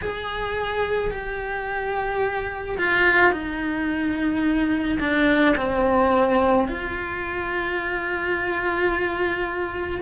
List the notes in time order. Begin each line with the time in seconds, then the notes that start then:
0.01 G#4
1.11 G4
2.78 F4
3.31 D#4
4.99 D4
5.57 C4
6.68 F4